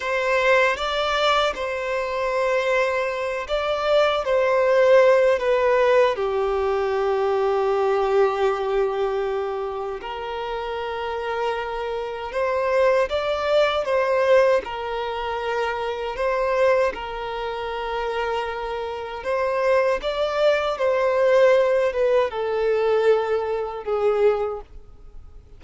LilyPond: \new Staff \with { instrumentName = "violin" } { \time 4/4 \tempo 4 = 78 c''4 d''4 c''2~ | c''8 d''4 c''4. b'4 | g'1~ | g'4 ais'2. |
c''4 d''4 c''4 ais'4~ | ais'4 c''4 ais'2~ | ais'4 c''4 d''4 c''4~ | c''8 b'8 a'2 gis'4 | }